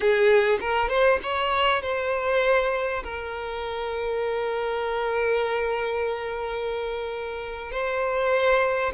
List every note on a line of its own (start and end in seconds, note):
0.00 0.58 G#4
0.60 0.88 A#4
0.88 1.19 C5
1.23 1.82 C#5
1.82 3.03 C5
3.03 7.71 A#4
7.71 8.93 C5